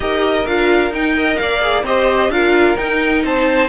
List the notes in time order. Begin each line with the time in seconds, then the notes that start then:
0.00 D#4 G4 A#4 D#5
0.46 D4 F4 F5
0.90 D#4 G5
1.16 A#4 D#5
1.36 A#3 D5 F5
1.61 G#4
1.83 C4 G4 C5 D#5
2.28 D4 F4 A#4 F5
2.76 D#4 G5
3.24 C4 C5 A5